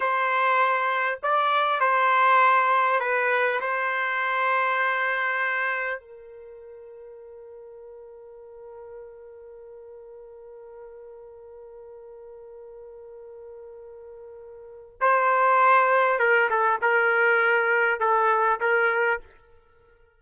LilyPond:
\new Staff \with { instrumentName = "trumpet" } { \time 4/4 \tempo 4 = 100 c''2 d''4 c''4~ | c''4 b'4 c''2~ | c''2 ais'2~ | ais'1~ |
ais'1~ | ais'1~ | ais'4 c''2 ais'8 a'8 | ais'2 a'4 ais'4 | }